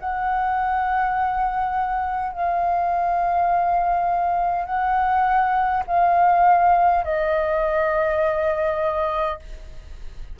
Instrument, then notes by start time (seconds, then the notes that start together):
flute
0.00 F#5
2.33 F5
4.66 F#5
5.88 F5
7.05 D#5